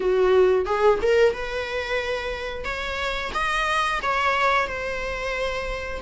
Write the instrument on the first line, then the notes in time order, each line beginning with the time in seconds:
viola
0.00 F#4
0.65 G#4
1.02 A#4
1.33 B4
2.64 C#5
3.33 D#5
4.02 C#5
4.67 C5